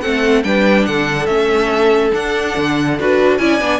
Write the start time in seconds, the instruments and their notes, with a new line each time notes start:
0.00 cello A3, viola C4, violin A4 F#5
0.43 cello G3, viola D4, violin B4 G5
0.85 cello D3, violin A4 F#5
1.26 cello A3, viola C#4, violin E5
2.12 viola D4, cello D4, violin F#5
2.57 cello D3
2.99 cello D4, viola F#4, violin B4
3.37 cello C#4, viola E4, violin D5 G#5
3.60 cello B3, viola D4